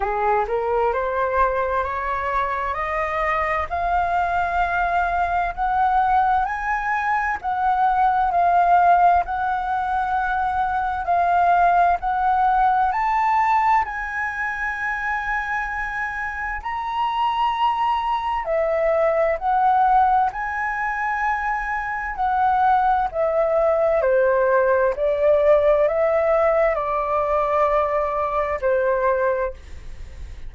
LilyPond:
\new Staff \with { instrumentName = "flute" } { \time 4/4 \tempo 4 = 65 gis'8 ais'8 c''4 cis''4 dis''4 | f''2 fis''4 gis''4 | fis''4 f''4 fis''2 | f''4 fis''4 a''4 gis''4~ |
gis''2 ais''2 | e''4 fis''4 gis''2 | fis''4 e''4 c''4 d''4 | e''4 d''2 c''4 | }